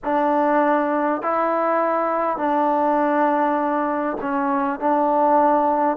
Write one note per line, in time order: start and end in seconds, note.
0.04 1.22 D4
1.22 2.37 E4
2.37 4.17 D4
4.21 4.79 C#4
4.79 5.96 D4